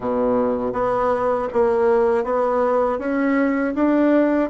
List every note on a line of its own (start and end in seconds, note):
0.00 0.73 B2
0.73 1.48 B3
1.52 2.24 A#3
2.24 2.98 B3
2.98 3.73 C#4
3.75 4.50 D4